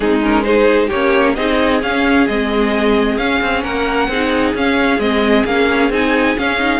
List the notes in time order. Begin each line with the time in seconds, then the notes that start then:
0.00 G#3 C4 D#4 G#4
0.22 C#4 A#4
0.43 D#4 G#4 C5
0.87 A#3 G4 C#5
0.94 C#4
1.35 C4 D#4 G#4 D#5
1.82 C#4 F5
2.27 G#3 C4 D#5
3.17 C#4 F5
3.41 C4
3.62 A#3 A#4 F#5
4.08 C4 D#4 G#4
4.54 C#4 F5
4.98 G#3 C4 D#5
5.44 A#3 C#4 F5
5.89 C4 D#4 G#5
6.37 C#4 F5
6.58 D#4